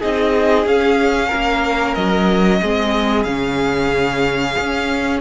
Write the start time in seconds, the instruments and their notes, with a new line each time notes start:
0.00 cello C4, viola D#4, violin G#4 D#5
0.66 cello C#4, viola C#4, violin F5
1.28 cello A#3, violin A#4
1.94 cello F#3, violin D#5
2.62 cello G#3, viola C4, violin G#4
3.24 cello C#3, viola C#4, violin F5
4.59 cello C#4